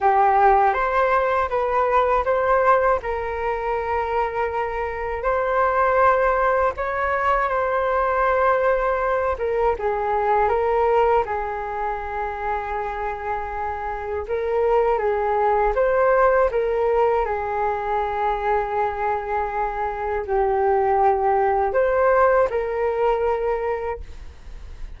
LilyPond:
\new Staff \with { instrumentName = "flute" } { \time 4/4 \tempo 4 = 80 g'4 c''4 b'4 c''4 | ais'2. c''4~ | c''4 cis''4 c''2~ | c''8 ais'8 gis'4 ais'4 gis'4~ |
gis'2. ais'4 | gis'4 c''4 ais'4 gis'4~ | gis'2. g'4~ | g'4 c''4 ais'2 | }